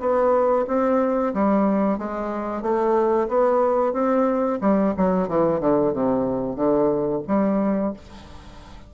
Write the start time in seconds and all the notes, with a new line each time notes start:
0.00 B3
0.68 C4
1.34 G3
1.98 G#3
2.62 A3
3.28 B3
3.93 C4
4.61 G3
4.97 F#3
5.29 E3
5.60 D3
5.93 C3
6.56 D3
7.27 G3